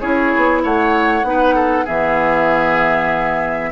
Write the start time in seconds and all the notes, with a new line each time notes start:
0.00 C#4 E4 G#4 C#5
0.36 B3
0.64 A3 C#5 F#5
1.23 B3 D#4
1.30 B4
1.55 A4
1.85 E3 B3 G#4 E5